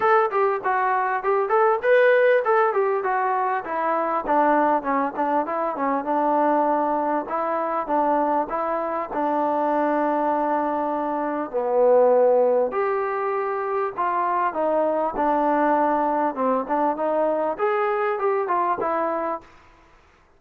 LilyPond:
\new Staff \with { instrumentName = "trombone" } { \time 4/4 \tempo 4 = 99 a'8 g'8 fis'4 g'8 a'8 b'4 | a'8 g'8 fis'4 e'4 d'4 | cis'8 d'8 e'8 cis'8 d'2 | e'4 d'4 e'4 d'4~ |
d'2. b4~ | b4 g'2 f'4 | dis'4 d'2 c'8 d'8 | dis'4 gis'4 g'8 f'8 e'4 | }